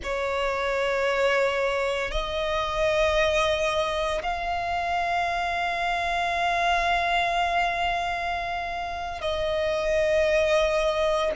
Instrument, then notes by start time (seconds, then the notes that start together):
violin
0.02 C#5
2.11 D#5
4.22 F5
9.21 D#5